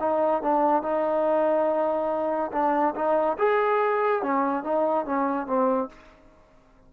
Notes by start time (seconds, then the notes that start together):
0.00 D#4
0.42 D4
0.82 D#4
2.52 D4
2.95 D#4
3.38 G#4
4.23 C#4
4.64 D#4
5.06 C#4
5.47 C4